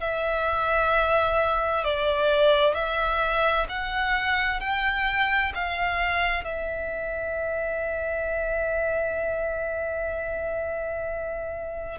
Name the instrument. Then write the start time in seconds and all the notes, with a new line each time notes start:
violin
0.00 E5
1.84 D5
2.74 E5
3.69 F#5
4.60 G5
5.54 F5
6.44 E5